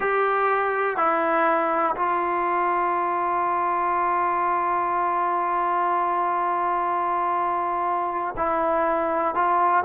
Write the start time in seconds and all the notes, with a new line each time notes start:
0.00 G4
0.96 E4
1.95 F4
8.37 E4
9.34 F4